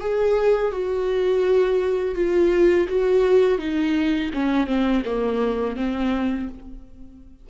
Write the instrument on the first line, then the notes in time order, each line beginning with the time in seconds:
viola
0.00 G#4
0.72 F#4
2.15 F4
2.88 F#4
3.58 D#4
4.33 C#4
4.67 C4
5.05 A#3
5.76 C4